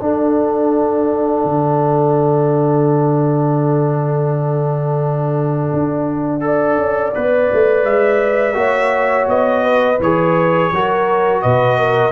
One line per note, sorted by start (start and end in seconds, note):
0.00 1.44 D4
0.00 6.40 D4
0.00 6.45 A4
0.00 7.84 F#5
1.44 5.72 D3
5.73 6.77 D4
6.40 7.12 A4
6.40 8.58 D5
6.77 7.13 C#4
7.14 7.52 B3
7.14 8.53 B4
7.53 7.83 A3
7.83 8.54 G#3
7.83 9.27 E5
8.53 9.26 A#3
8.53 9.96 F#4
8.53 9.64 C#5
9.27 9.98 B3
9.27 10.00 D#5
9.64 10.71 B4
9.99 10.70 E3
9.99 10.74 G#4
9.99 11.42 C#5
10.71 11.43 F#3
10.71 12.12 F#4
10.71 11.42 A#4
11.42 12.12 B2
11.42 11.78 B4
11.42 12.12 D#5
11.78 12.12 A#4